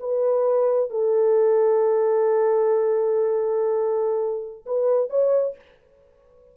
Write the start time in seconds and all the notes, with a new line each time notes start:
0.00 B4
0.90 A4
4.66 B4
5.10 C#5